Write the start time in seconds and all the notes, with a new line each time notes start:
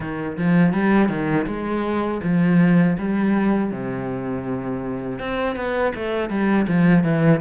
0.00 D#3
0.37 F3
0.73 G3
1.08 D#3
1.46 G#3
2.23 F3
2.98 G3
3.71 C3
5.19 C4
5.56 B3
5.95 A3
6.29 G3
6.67 F3
7.03 E3